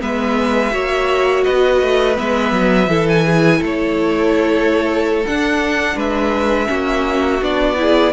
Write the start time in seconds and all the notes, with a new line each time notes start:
0.00 G#3 B3 B4 E5
0.71 A#3 F#4 C#5
1.44 B3 B4 D#5
1.81 A3
2.15 G#3 B3 E5
2.52 F#3
2.87 E3 E4 A4
3.09 G#5
3.25 G#4
3.59 A3 A4
3.65 C#5
5.25 D4 F#5
5.95 G#3 B4 E5
6.66 A#3 C#4 F#4
7.42 B3 D4 D5
7.76 E4 G#4